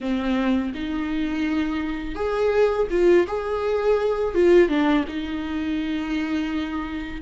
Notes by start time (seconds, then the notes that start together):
0.00 C4
0.74 D#4
2.15 G#4
2.90 F4
3.27 G#4
4.34 F4
4.68 D4
5.08 D#4